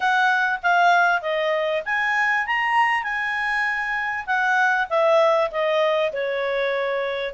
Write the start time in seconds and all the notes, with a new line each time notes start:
0.00 F#5
0.62 F5
1.21 D#5
1.85 G#5
2.46 A#5
3.03 G#5
4.26 F#5
4.89 E5
5.51 D#5
6.13 C#5